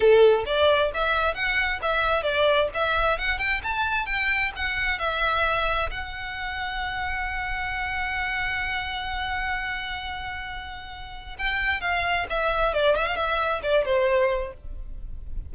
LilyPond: \new Staff \with { instrumentName = "violin" } { \time 4/4 \tempo 4 = 132 a'4 d''4 e''4 fis''4 | e''4 d''4 e''4 fis''8 g''8 | a''4 g''4 fis''4 e''4~ | e''4 fis''2.~ |
fis''1~ | fis''1~ | fis''4 g''4 f''4 e''4 | d''8 e''16 f''16 e''4 d''8 c''4. | }